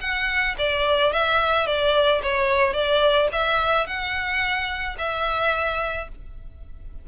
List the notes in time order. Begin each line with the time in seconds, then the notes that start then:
0.00 F#5
0.58 D5
1.12 E5
1.66 D5
2.22 C#5
2.73 D5
3.32 E5
3.86 F#5
4.98 E5